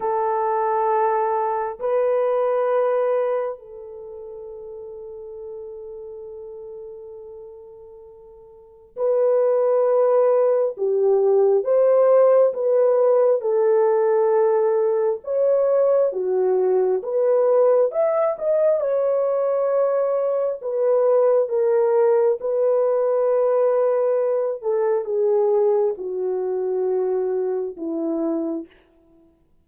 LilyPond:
\new Staff \with { instrumentName = "horn" } { \time 4/4 \tempo 4 = 67 a'2 b'2 | a'1~ | a'2 b'2 | g'4 c''4 b'4 a'4~ |
a'4 cis''4 fis'4 b'4 | e''8 dis''8 cis''2 b'4 | ais'4 b'2~ b'8 a'8 | gis'4 fis'2 e'4 | }